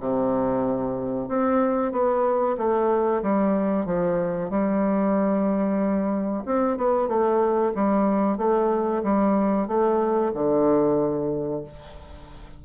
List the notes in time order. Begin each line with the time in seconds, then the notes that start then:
0.00 C3
1.29 C4
1.92 B3
2.57 A3
3.23 G3
3.86 F3
4.50 G3
6.46 C4
6.77 B3
7.08 A3
7.75 G3
8.38 A3
9.03 G3
9.68 A3
10.34 D3